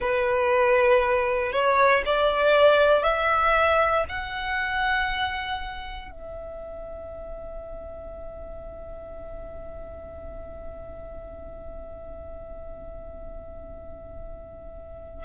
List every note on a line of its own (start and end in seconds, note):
0.00 1.52 B4
1.52 2.02 C#5
2.05 3.03 D5
3.03 4.04 E5
4.08 6.11 F#5
6.11 15.24 E5